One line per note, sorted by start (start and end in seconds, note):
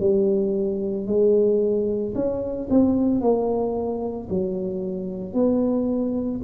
0.00 1.07 G3
1.07 2.14 G#3
2.15 2.69 C#4
2.71 3.21 C4
3.21 4.29 A#3
4.30 5.34 F#3
5.34 6.41 B3